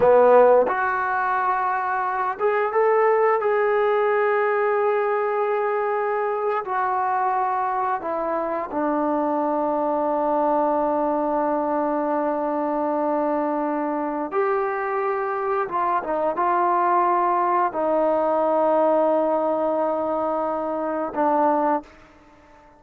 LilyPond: \new Staff \with { instrumentName = "trombone" } { \time 4/4 \tempo 4 = 88 b4 fis'2~ fis'8 gis'8 | a'4 gis'2.~ | gis'4.~ gis'16 fis'2 e'16~ | e'8. d'2.~ d'16~ |
d'1~ | d'4 g'2 f'8 dis'8 | f'2 dis'2~ | dis'2. d'4 | }